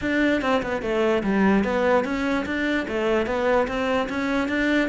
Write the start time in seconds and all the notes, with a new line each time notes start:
0.01 D4
0.41 C4
0.62 B3
0.82 A3
1.23 G3
1.64 B3
2.04 C#4
2.45 D4
2.88 A3
3.26 B3
3.67 C4
4.09 C#4
4.48 D4